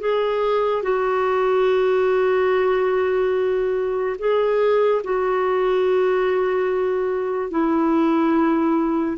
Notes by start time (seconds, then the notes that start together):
0.00 G#4
0.83 F#4
4.19 G#4
5.04 F#4
7.51 E4